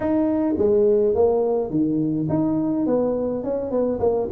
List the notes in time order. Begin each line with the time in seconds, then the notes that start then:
0.00 D#4
0.58 G#3
1.14 A#3
1.70 D#3
2.29 D#4
2.86 B3
3.43 C#4
3.70 B3
3.99 A#3